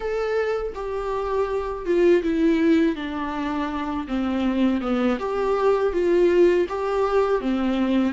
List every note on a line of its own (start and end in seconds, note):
0.00 0.73 A4
0.74 1.85 G4
1.85 2.22 F4
2.23 2.95 E4
2.95 4.06 D4
4.07 4.81 C4
4.81 5.18 B3
5.19 5.93 G4
5.93 6.67 F4
6.68 7.40 G4
7.40 8.13 C4